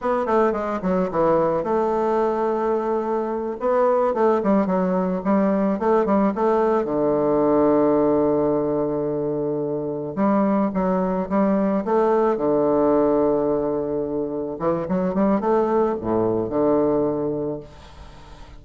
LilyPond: \new Staff \with { instrumentName = "bassoon" } { \time 4/4 \tempo 4 = 109 b8 a8 gis8 fis8 e4 a4~ | a2~ a8 b4 a8 | g8 fis4 g4 a8 g8 a8~ | a8 d2.~ d8~ |
d2~ d8 g4 fis8~ | fis8 g4 a4 d4.~ | d2~ d8 e8 fis8 g8 | a4 a,4 d2 | }